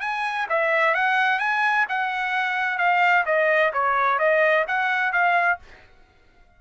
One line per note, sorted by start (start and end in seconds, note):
0.00 0.47 G#5
0.49 0.94 E5
0.94 1.38 F#5
1.38 1.85 G#5
1.88 2.78 F#5
2.78 3.24 F5
3.25 3.72 D#5
3.73 4.18 C#5
4.18 4.65 D#5
4.67 5.12 F#5
5.12 5.58 F5